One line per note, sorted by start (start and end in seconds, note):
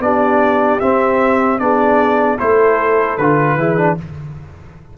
0.00 0.79 B3
0.00 0.81 D4
0.00 1.62 G4
0.00 0.80 D5
0.80 1.60 C4
0.80 1.61 C4
0.80 1.59 E5
1.59 2.40 B3
1.59 2.39 D4
1.59 2.39 G#4
1.59 2.38 D5
2.39 3.19 A3
2.39 3.19 E4
2.39 3.58 A4
2.39 3.18 C5
3.18 3.57 D3
3.18 3.60 F4
3.18 3.97 B4
3.57 3.96 E3
3.57 3.78 E4
3.57 3.98 G#4
3.78 3.98 D4